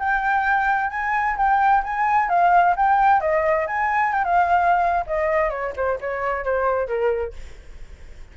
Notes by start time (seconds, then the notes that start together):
0.00 G5
0.91 G#5
1.37 G5
1.84 G#5
2.30 F5
2.77 G5
3.21 D#5
3.67 G#5
4.13 G5
4.25 F5
5.07 D#5
5.50 C#5
5.77 C5
6.01 C#5
6.44 C5
6.88 A#4